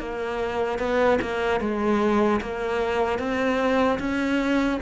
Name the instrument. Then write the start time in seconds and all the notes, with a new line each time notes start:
cello
0.00 A#3
0.79 B3
1.22 A#3
1.61 G#3
2.41 A#3
3.19 C4
4.00 C#4